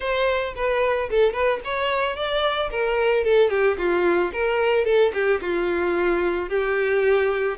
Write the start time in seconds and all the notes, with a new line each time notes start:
0.00 C5
0.55 B4
1.10 A4
1.33 B4
1.64 C#5
2.16 D5
2.70 A#4
3.23 A4
3.50 G4
3.77 F4
4.32 A#4
4.85 A4
5.13 G4
5.41 F4
6.49 G4